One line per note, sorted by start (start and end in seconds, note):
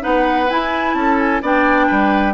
0.00 0.50 B3
0.00 0.47 D#4
0.00 0.96 B4
0.00 0.50 F#5
0.50 0.94 E4
0.50 1.43 E4
0.50 0.94 G#5
0.94 1.41 C#4
0.94 1.42 A4
0.94 1.18 A5
1.18 1.42 G#5
1.42 1.89 B3
1.42 2.34 D4
1.42 1.87 D5
1.42 2.34 G5
1.87 2.34 G3
1.87 2.34 B4